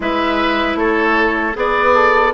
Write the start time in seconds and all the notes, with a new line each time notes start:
0.00 G#3 E4 B4 E5
0.75 A3 A4 C#5
1.53 B3 G#4 B4 D5
1.94 A4